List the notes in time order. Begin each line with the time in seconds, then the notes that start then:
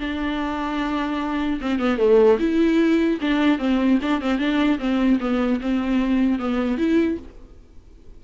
0.00 D4
1.61 C4
1.79 B3
1.98 A3
2.39 E4
3.21 D4
3.59 C4
4.02 D4
4.21 C4
4.39 D4
4.79 C4
5.20 B3
5.61 C4
6.39 B3
6.78 E4